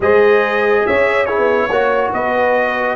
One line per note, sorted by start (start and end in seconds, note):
0.00 0.84 G#3
0.00 1.27 G#4
0.00 0.86 C5
0.00 0.86 D#5
0.86 1.37 C#4
0.86 1.26 C#5
0.86 1.25 E5
1.25 1.69 E4
1.25 1.68 G#4
1.25 2.10 C#5
1.37 1.69 B3
1.69 2.11 A#3
1.69 2.95 F#4
1.69 2.13 C#5
2.12 2.95 B3
2.12 2.95 B4
2.12 2.95 D#5